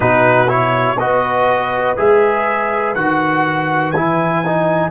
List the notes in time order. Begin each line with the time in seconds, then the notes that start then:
0.00 B2 D#4 F#4 B4
0.47 E4 C#5
0.98 B3 F#4 B4 D#5
1.96 G#3 G#4 E5
2.94 D#3 F#4 F#5
3.91 E3 E4 G#5
4.45 D#4